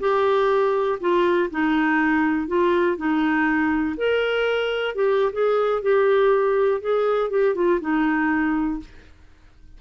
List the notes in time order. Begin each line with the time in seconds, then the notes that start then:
0.00 G4
1.01 F4
1.51 D#4
2.47 F4
2.97 D#4
3.97 A#4
4.95 G4
5.33 G#4
5.82 G4
6.81 G#4
7.30 G4
7.55 F4
7.81 D#4